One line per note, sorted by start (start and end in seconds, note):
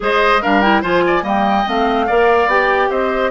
0.00 0.43 G#3
0.00 0.40 G#4
0.00 0.41 C5
0.00 0.42 D#5
0.41 0.82 G3
0.41 0.62 D4
0.41 0.82 A#4
0.41 0.61 F5
0.61 0.82 E4
0.61 0.81 G5
0.82 1.22 F3
0.82 1.22 F4
0.82 1.02 C5
0.82 1.25 G#5
1.06 1.23 D5
1.22 1.64 G3
1.22 1.63 A#3
1.22 2.06 D#5
1.22 1.68 G5
1.66 2.09 A3
1.66 2.08 C4
1.66 2.49 F5
2.07 2.46 A#3
2.07 2.49 A#4
2.07 2.89 D5
2.46 2.87 B3
2.46 3.31 G4
2.46 2.90 G5
2.90 3.31 C4
2.90 3.31 C5
2.90 3.31 D#5